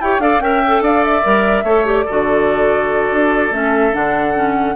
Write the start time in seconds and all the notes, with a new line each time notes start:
0.00 E4 G4 C#5 G5
0.19 D4 A4 D5 F5
0.39 C#4 A#4 E5 G5
0.67 A4
0.81 D4 D5 F5
1.04 E5
1.23 G3 A#4
1.63 A3 A4 C#5
1.85 G4 D5
2.05 D3 F#4 A4
3.11 D4
3.51 A3 C#4 E5
3.92 D3 D4 F#5
4.34 C#4